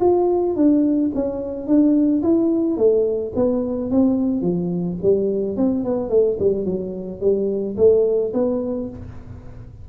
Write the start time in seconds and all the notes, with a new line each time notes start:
0.00 F4
0.56 D4
1.14 C#4
1.67 D4
2.22 E4
2.77 A3
3.35 B3
3.91 C4
4.41 F3
5.02 G3
5.57 C4
5.84 B3
6.09 A3
6.39 G3
6.65 F#3
7.21 G3
7.77 A3
8.33 B3